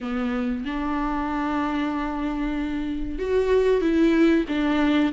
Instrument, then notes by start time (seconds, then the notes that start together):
viola
0.00 B3
0.64 D4
3.19 F#4
3.81 E4
4.48 D4